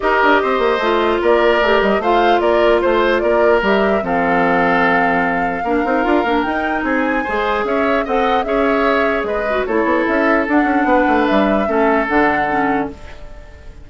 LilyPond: <<
  \new Staff \with { instrumentName = "flute" } { \time 4/4 \tempo 4 = 149 dis''2. d''4~ | d''8 dis''8 f''4 d''4 c''4 | d''4 e''4 f''2~ | f''1 |
g''4 gis''2 e''4 | fis''4 e''2 dis''4 | cis''4 e''4 fis''2 | e''2 fis''2 | }
  \new Staff \with { instrumentName = "oboe" } { \time 4/4 ais'4 c''2 ais'4~ | ais'4 c''4 ais'4 c''4 | ais'2 a'2~ | a'2 ais'2~ |
ais'4 gis'4 c''4 cis''4 | dis''4 cis''2 b'4 | a'2. b'4~ | b'4 a'2. | }
  \new Staff \with { instrumentName = "clarinet" } { \time 4/4 g'2 f'2 | g'4 f'2.~ | f'4 g'4 c'2~ | c'2 d'8 dis'8 f'8 d'8 |
dis'2 gis'2 | a'4 gis'2~ gis'8 fis'8 | e'2 d'2~ | d'4 cis'4 d'4 cis'4 | }
  \new Staff \with { instrumentName = "bassoon" } { \time 4/4 dis'8 d'8 c'8 ais8 a4 ais4 | a8 g8 a4 ais4 a4 | ais4 g4 f2~ | f2 ais8 c'8 d'8 ais8 |
dis'4 c'4 gis4 cis'4 | c'4 cis'2 gis4 | a8 b8 cis'4 d'8 cis'8 b8 a8 | g4 a4 d2 | }
>>